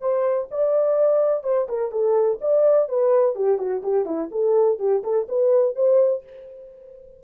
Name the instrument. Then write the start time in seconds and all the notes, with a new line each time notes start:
horn
0.00 C5
0.51 D5
1.43 C5
1.68 A#4
1.91 A4
2.40 D5
2.88 B4
3.35 G4
3.58 F#4
3.83 G4
4.05 E4
4.31 A4
4.79 G4
5.03 A4
5.28 B4
5.76 C5